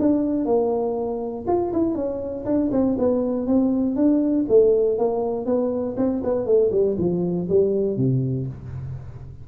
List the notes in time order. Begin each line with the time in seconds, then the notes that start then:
0.00 D4
0.45 A#3
1.47 F4
1.73 E4
1.95 C#4
2.45 D4
2.72 C4
2.99 B3
3.47 C4
3.96 D4
4.48 A3
4.98 A#3
5.46 B3
5.97 C4
6.24 B3
6.46 A3
6.72 G3
6.98 F3
7.49 G3
7.97 C3